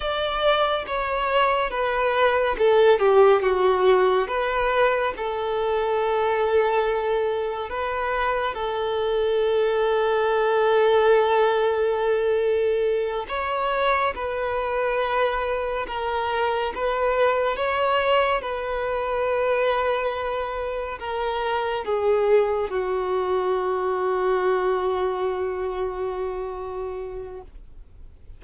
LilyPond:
\new Staff \with { instrumentName = "violin" } { \time 4/4 \tempo 4 = 70 d''4 cis''4 b'4 a'8 g'8 | fis'4 b'4 a'2~ | a'4 b'4 a'2~ | a'2.~ a'8 cis''8~ |
cis''8 b'2 ais'4 b'8~ | b'8 cis''4 b'2~ b'8~ | b'8 ais'4 gis'4 fis'4.~ | fis'1 | }